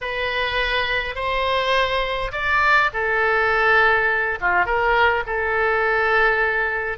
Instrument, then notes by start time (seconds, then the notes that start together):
oboe
0.01 B4
1.15 C5
2.32 D5
2.93 A4
4.41 F4
4.65 A#4
5.26 A4